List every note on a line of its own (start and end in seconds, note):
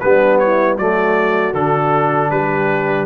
0.00 0.79 G3
0.00 0.80 B3
0.00 0.43 D4
0.00 0.38 B4
0.39 0.77 E4
0.39 0.77 C#5
0.77 1.54 F#3
0.77 1.54 A3
0.77 2.31 F#4
0.77 1.54 D5
1.54 2.31 D3
1.54 3.07 D4
1.54 2.31 A4
2.31 3.07 G3
2.31 3.07 G4
2.31 3.07 B4